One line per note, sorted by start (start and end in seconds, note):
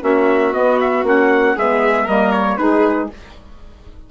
0.00 0.53 A#3
0.00 0.51 C#4
0.00 1.55 F#4
0.00 0.53 E5
0.52 1.03 B3
0.52 0.78 D#5
0.80 1.05 E5
1.03 1.54 A#3
1.03 1.55 C#4
1.03 1.58 F#5
1.55 2.07 G#3
1.55 2.08 B3
1.55 2.04 G#4
1.55 2.07 E5
2.04 2.58 G3
2.04 2.58 A#3
2.04 2.55 A#4
2.04 2.32 D#5
2.32 2.57 C#5
2.57 3.09 G#3
2.57 3.09 D#4
2.57 3.10 G#4
2.57 3.08 B4